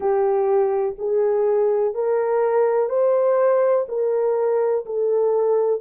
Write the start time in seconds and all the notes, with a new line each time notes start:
0.00 G4
0.98 G#4
1.94 A#4
2.89 C5
3.88 A#4
4.85 A4